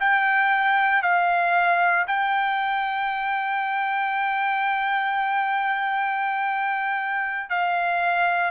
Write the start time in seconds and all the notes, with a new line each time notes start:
0.00 G5
1.03 F5
2.07 G5
7.50 F5